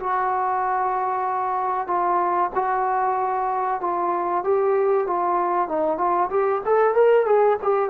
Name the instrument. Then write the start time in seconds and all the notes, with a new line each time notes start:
trombone
0.00 F#4
1.87 F4
2.55 F#4
3.81 F4
4.44 G4
5.07 F4
5.69 D#4
5.98 F4
6.30 G4
6.66 A4
6.95 A#4
7.26 G#4
7.62 G4